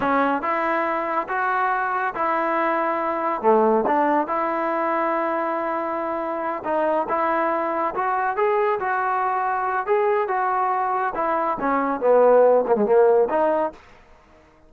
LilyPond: \new Staff \with { instrumentName = "trombone" } { \time 4/4 \tempo 4 = 140 cis'4 e'2 fis'4~ | fis'4 e'2. | a4 d'4 e'2~ | e'2.~ e'8 dis'8~ |
dis'8 e'2 fis'4 gis'8~ | gis'8 fis'2~ fis'8 gis'4 | fis'2 e'4 cis'4 | b4. ais16 gis16 ais4 dis'4 | }